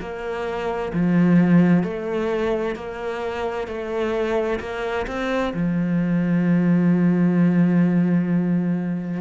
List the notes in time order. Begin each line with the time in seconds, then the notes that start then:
0.00 A#3
0.93 F3
1.83 A3
2.75 A#3
3.67 A3
4.60 A#3
5.07 C4
5.53 F3